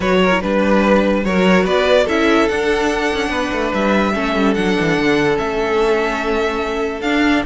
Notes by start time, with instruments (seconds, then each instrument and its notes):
0.00 cello F#3, viola F#4, violin B4 C#5
0.22 violin A#4
0.30 viola E4
0.41 cello G3, viola D4, violin B4
1.24 cello F#3, viola F#4, violin A#4 C#5
1.64 cello B3, violin B4 D5
2.04 cello C#4, viola E4, violin A4 E5
2.48 cello D4, viola D4, violin F#5
3.13 cello C#4
3.29 cello B3, violin B4
3.52 cello A3
3.73 cello G3, violin E5
4.14 cello A3, viola C#4, violin A4
4.35 cello G3
4.54 cello F#3, viola D4, violin F#5
4.80 cello E3
4.97 cello D3
5.35 cello A3, viola C#4, violin E5
7.01 cello D4, viola D4, violin F5